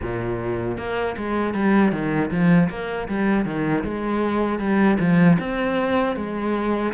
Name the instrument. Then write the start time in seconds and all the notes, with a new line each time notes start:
cello
0.01 A#2
0.77 A#3
1.17 G#3
1.54 G3
1.92 D#3
2.30 F3
2.69 A#3
3.08 G3
3.45 D#3
3.84 G#3
4.59 G3
4.99 F3
5.39 C4
6.16 G#3